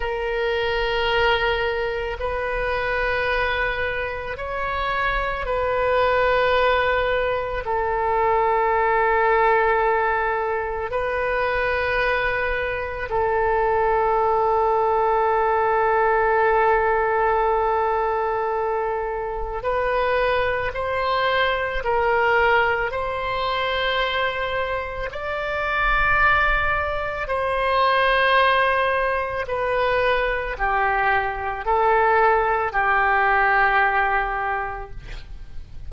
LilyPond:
\new Staff \with { instrumentName = "oboe" } { \time 4/4 \tempo 4 = 55 ais'2 b'2 | cis''4 b'2 a'4~ | a'2 b'2 | a'1~ |
a'2 b'4 c''4 | ais'4 c''2 d''4~ | d''4 c''2 b'4 | g'4 a'4 g'2 | }